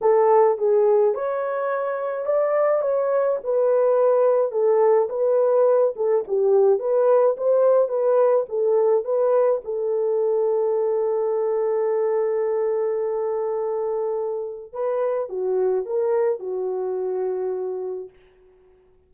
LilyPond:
\new Staff \with { instrumentName = "horn" } { \time 4/4 \tempo 4 = 106 a'4 gis'4 cis''2 | d''4 cis''4 b'2 | a'4 b'4. a'8 g'4 | b'4 c''4 b'4 a'4 |
b'4 a'2.~ | a'1~ | a'2 b'4 fis'4 | ais'4 fis'2. | }